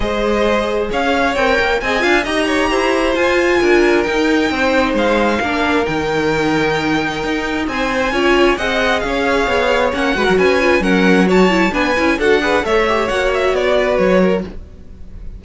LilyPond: <<
  \new Staff \with { instrumentName = "violin" } { \time 4/4 \tempo 4 = 133 dis''2 f''4 g''4 | gis''4 ais''2 gis''4~ | gis''4 g''2 f''4~ | f''4 g''2.~ |
g''4 gis''2 fis''4 | f''2 fis''4 gis''4 | fis''4 a''4 gis''4 fis''4 | e''4 fis''8 e''8 d''4 cis''4 | }
  \new Staff \with { instrumentName = "violin" } { \time 4/4 c''2 cis''2 | dis''8 f''8 dis''8 cis''8 c''2 | ais'2 c''2 | ais'1~ |
ais'4 c''4 cis''4 dis''4 | cis''2~ cis''8 b'16 ais'16 b'4 | ais'4 cis''4 b'4 a'8 b'8 | cis''2~ cis''8 b'4 ais'8 | }
  \new Staff \with { instrumentName = "viola" } { \time 4/4 gis'2. ais'4 | gis'8 f'8 g'2 f'4~ | f'4 dis'2. | d'4 dis'2.~ |
dis'2 f'4 gis'4~ | gis'2 cis'8 fis'4 f'8 | cis'4 fis'8 e'8 d'8 e'8 fis'8 gis'8 | a'8 g'8 fis'2. | }
  \new Staff \with { instrumentName = "cello" } { \time 4/4 gis2 cis'4 c'8 ais8 | c'8 d'8 dis'4 e'4 f'4 | d'4 dis'4 c'4 gis4 | ais4 dis2. |
dis'4 c'4 cis'4 c'4 | cis'4 b4 ais8 gis16 fis16 cis'4 | fis2 b8 cis'8 d'4 | a4 ais4 b4 fis4 | }
>>